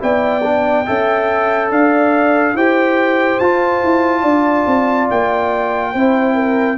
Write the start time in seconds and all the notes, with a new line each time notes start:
0.00 B3 E4 D5 G5
0.44 D4
0.87 C#4 A4 E5
1.71 D4 D5 F5
2.55 E4 G4 C5 G5
3.39 F4 A5
3.84 E4
4.21 D4 D5
4.67 C4
5.11 A#3 G5
5.92 C4 E4 C5
6.35 A#4